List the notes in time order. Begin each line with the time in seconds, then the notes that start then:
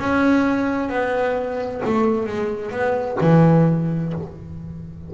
0.00 C#4
0.90 B3
1.85 A3
2.27 G#3
2.72 B3
3.21 E3